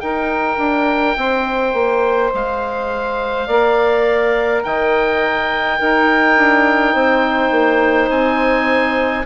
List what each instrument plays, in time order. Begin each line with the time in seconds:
0.00 bassoon D#4, saxophone A#4, clarinet D#5, oboe G5
0.58 bassoon D4
1.17 bassoon C4, saxophone C5
1.73 bassoon A#3
2.34 bassoon G#3, oboe F5
3.46 bassoon A#3, saxophone A#4, clarinet D5
4.63 bassoon D#3, clarinet D#5, oboe G5
5.78 saxophone D#4, bassoon D#4, clarinet A#4
6.37 bassoon D4
6.94 bassoon C4, clarinet C5
7.51 bassoon A#3
8.10 bassoon C4, oboe G#5